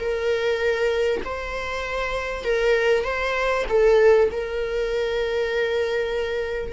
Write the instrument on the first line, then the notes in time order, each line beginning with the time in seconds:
viola
0.00 A#4
1.25 C5
2.44 A#4
3.05 C5
3.69 A4
4.32 A#4